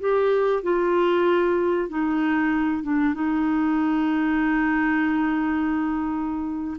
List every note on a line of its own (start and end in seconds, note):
0.00 0.63 G4
0.63 1.89 F4
1.89 2.84 D#4
2.84 3.14 D4
3.14 6.78 D#4